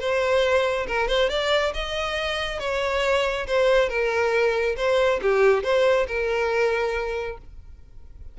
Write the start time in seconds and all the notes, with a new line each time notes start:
0.00 C5
0.87 A#4
1.08 C5
1.30 D5
1.74 D#5
2.60 C#5
3.47 C5
3.89 A#4
4.77 C5
5.22 G4
5.63 C5
6.08 A#4